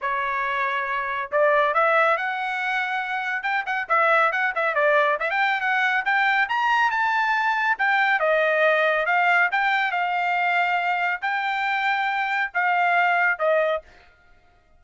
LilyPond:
\new Staff \with { instrumentName = "trumpet" } { \time 4/4 \tempo 4 = 139 cis''2. d''4 | e''4 fis''2. | g''8 fis''8 e''4 fis''8 e''8 d''4 | e''16 g''8. fis''4 g''4 ais''4 |
a''2 g''4 dis''4~ | dis''4 f''4 g''4 f''4~ | f''2 g''2~ | g''4 f''2 dis''4 | }